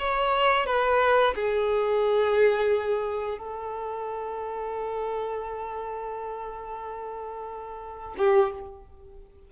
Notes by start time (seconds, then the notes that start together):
0.00 C#5
0.67 B4
1.35 G#4
3.38 A4
8.18 G4